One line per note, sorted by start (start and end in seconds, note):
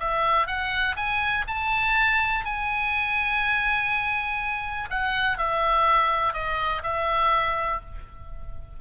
0.00 0.47 E5
0.47 0.96 F#5
0.96 1.45 G#5
1.47 2.45 A5
2.45 4.89 G#5
4.90 5.38 F#5
5.38 6.34 E5
6.34 6.82 D#5
6.83 7.81 E5